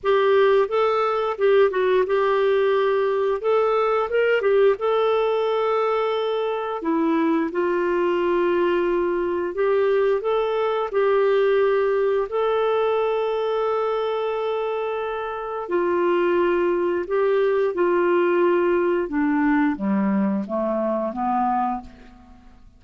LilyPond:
\new Staff \with { instrumentName = "clarinet" } { \time 4/4 \tempo 4 = 88 g'4 a'4 g'8 fis'8 g'4~ | g'4 a'4 ais'8 g'8 a'4~ | a'2 e'4 f'4~ | f'2 g'4 a'4 |
g'2 a'2~ | a'2. f'4~ | f'4 g'4 f'2 | d'4 g4 a4 b4 | }